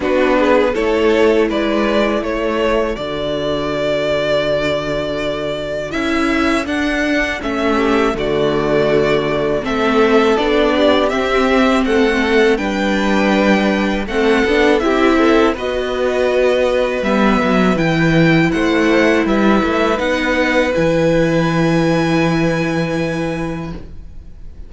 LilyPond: <<
  \new Staff \with { instrumentName = "violin" } { \time 4/4 \tempo 4 = 81 b'4 cis''4 d''4 cis''4 | d''1 | e''4 fis''4 e''4 d''4~ | d''4 e''4 d''4 e''4 |
fis''4 g''2 fis''4 | e''4 dis''2 e''4 | g''4 fis''4 e''4 fis''4 | gis''1 | }
  \new Staff \with { instrumentName = "violin" } { \time 4/4 fis'8 gis'8 a'4 b'4 a'4~ | a'1~ | a'2~ a'8 g'8 fis'4~ | fis'4 a'4. g'4. |
a'4 b'2 a'4 | g'8 a'8 b'2.~ | b'4 c''4 b'2~ | b'1 | }
  \new Staff \with { instrumentName = "viola" } { \time 4/4 d'4 e'2. | fis'1 | e'4 d'4 cis'4 a4~ | a4 c'4 d'4 c'4~ |
c'4 d'2 c'8 d'8 | e'4 fis'2 b4 | e'2. dis'4 | e'1 | }
  \new Staff \with { instrumentName = "cello" } { \time 4/4 b4 a4 gis4 a4 | d1 | cis'4 d'4 a4 d4~ | d4 a4 b4 c'4 |
a4 g2 a8 b8 | c'4 b2 g8 fis8 | e4 a4 g8 a8 b4 | e1 | }
>>